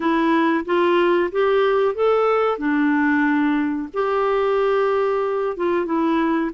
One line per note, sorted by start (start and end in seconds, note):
0.00 0.65 E4
0.65 1.30 F4
1.31 1.94 G4
1.94 2.58 A4
2.58 3.88 D4
3.93 5.56 G4
5.56 5.85 F4
5.85 6.50 E4